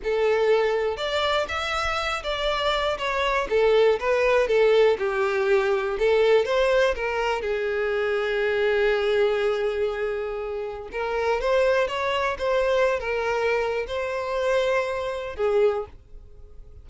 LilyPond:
\new Staff \with { instrumentName = "violin" } { \time 4/4 \tempo 4 = 121 a'2 d''4 e''4~ | e''8 d''4. cis''4 a'4 | b'4 a'4 g'2 | a'4 c''4 ais'4 gis'4~ |
gis'1~ | gis'2 ais'4 c''4 | cis''4 c''4~ c''16 ais'4.~ ais'16 | c''2. gis'4 | }